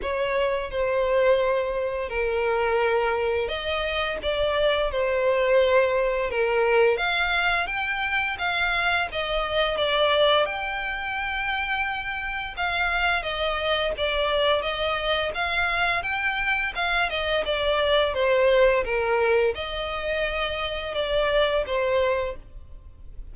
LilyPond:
\new Staff \with { instrumentName = "violin" } { \time 4/4 \tempo 4 = 86 cis''4 c''2 ais'4~ | ais'4 dis''4 d''4 c''4~ | c''4 ais'4 f''4 g''4 | f''4 dis''4 d''4 g''4~ |
g''2 f''4 dis''4 | d''4 dis''4 f''4 g''4 | f''8 dis''8 d''4 c''4 ais'4 | dis''2 d''4 c''4 | }